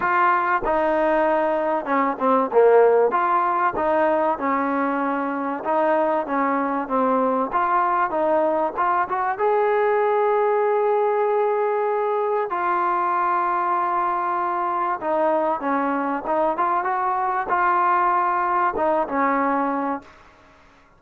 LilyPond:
\new Staff \with { instrumentName = "trombone" } { \time 4/4 \tempo 4 = 96 f'4 dis'2 cis'8 c'8 | ais4 f'4 dis'4 cis'4~ | cis'4 dis'4 cis'4 c'4 | f'4 dis'4 f'8 fis'8 gis'4~ |
gis'1 | f'1 | dis'4 cis'4 dis'8 f'8 fis'4 | f'2 dis'8 cis'4. | }